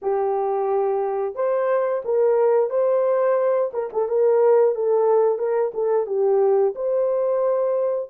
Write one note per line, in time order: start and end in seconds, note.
0.02 1.35 G4
1.35 2.02 C5
2.04 2.70 A#4
2.70 3.71 C5
3.73 3.89 A#4
3.93 4.08 A4
4.08 4.75 A#4
4.75 5.38 A4
5.38 5.72 A#4
5.74 6.06 A4
6.06 6.74 G4
6.75 8.09 C5